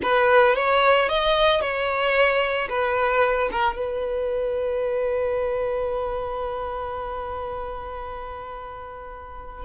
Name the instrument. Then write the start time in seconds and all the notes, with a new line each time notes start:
violin
0.02 B4
0.55 C#5
1.09 D#5
1.61 C#5
2.69 B4
3.51 A#4
3.76 B4